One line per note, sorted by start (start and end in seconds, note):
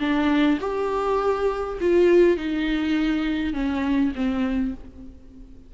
0.00 0.59 D4
0.61 1.79 G4
1.81 2.37 F4
2.37 3.54 D#4
3.54 4.13 C#4
4.16 4.75 C4